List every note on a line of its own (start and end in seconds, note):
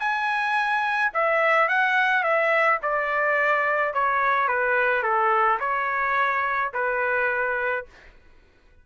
0.00 1.12 G#5
1.14 1.68 E5
1.68 2.23 F#5
2.23 2.79 E5
2.83 3.94 D5
3.94 4.48 C#5
4.48 5.03 B4
5.03 5.59 A4
5.60 6.72 C#5
6.74 7.86 B4